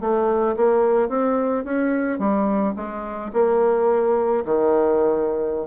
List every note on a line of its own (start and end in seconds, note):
0.00 0.56 A3
0.56 1.09 A#3
1.09 1.64 C4
1.64 2.19 C#4
2.19 2.74 G3
2.76 3.31 G#3
3.33 4.44 A#3
4.45 5.67 D#3